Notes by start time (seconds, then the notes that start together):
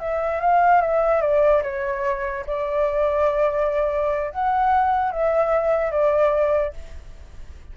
0.00 E5
0.41 F5
0.82 E5
1.22 D5
1.63 C#5
2.47 D5
4.32 F#5
5.12 E5
5.92 D5